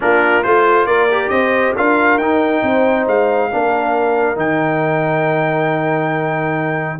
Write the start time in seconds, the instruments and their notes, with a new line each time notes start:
0.00 tuba A#3, trombone D4, horn F4, trumpet A#4
0.43 tuba A3, trombone F4, trumpet C5
0.86 tuba A#3, horn A#4, trumpet D5
1.11 trombone G4
1.29 tuba C4, horn C5, trumpet D#5
1.74 tuba D4, trombone F4, horn A#4, trumpet F5
2.17 tuba D#4, trombone D#4, trumpet G5
2.62 tuba C4, horn C5
3.07 tuba G#3, trumpet F5
3.51 tuba A#3, trombone D4, horn A#4
4.35 tuba D#3, trombone D#4, trumpet G5